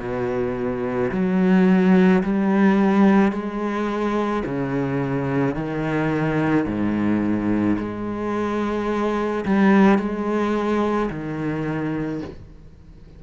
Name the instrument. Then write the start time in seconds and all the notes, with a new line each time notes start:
cello
0.00 B2
1.12 F#3
2.23 G3
3.32 G#3
4.45 C#3
5.56 D#3
6.67 G#2
7.78 G#3
9.45 G3
9.98 G#3
11.11 D#3